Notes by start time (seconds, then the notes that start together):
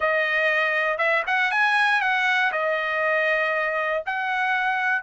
0.00 D#5
0.97 E5
1.26 F#5
1.51 G#5
2.01 F#5
2.52 D#5
4.06 F#5